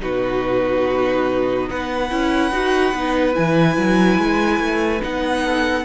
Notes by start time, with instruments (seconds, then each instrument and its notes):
0.00 cello B2, viola D#4, violin F#4 B4
1.70 cello B3, violin B4 F#5
2.11 cello C#4, viola E4
2.52 cello D#4, viola F#4
2.94 cello B3, viola D#4
3.33 cello E3, viola E4, violin G#5
3.77 cello F#3
4.18 cello G#3
4.60 cello A3
5.00 cello B3, viola D#4, violin F#5
5.44 violin A4